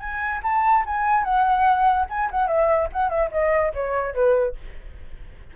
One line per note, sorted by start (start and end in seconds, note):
0.00 0.41 G#5
0.43 0.84 A5
0.86 1.24 G#5
1.24 2.07 F#5
2.10 2.30 G#5
2.31 2.48 F#5
2.48 2.89 E5
2.93 3.10 F#5
3.10 3.30 E5
3.32 3.73 D#5
3.74 4.15 C#5
4.15 4.56 B4